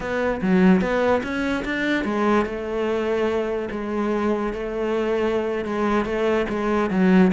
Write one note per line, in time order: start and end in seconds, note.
0.00 0.40 B3
0.41 0.81 F#3
0.81 1.22 B3
1.23 1.64 C#4
1.65 2.04 D4
2.04 2.45 G#3
2.45 3.69 A3
3.71 4.53 G#3
4.53 5.65 A3
5.65 6.05 G#3
6.05 6.46 A3
6.49 6.90 G#3
6.90 7.31 F#3